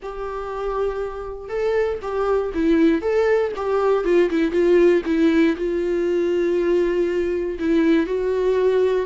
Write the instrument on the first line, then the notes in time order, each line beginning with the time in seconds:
viola
0.02 G4
1.49 A4
2.01 G4
2.53 E4
3.01 A4
3.56 G4
4.04 F4
4.29 E4
4.51 F4
5.05 E4
5.56 F4
7.59 E4
8.06 F#4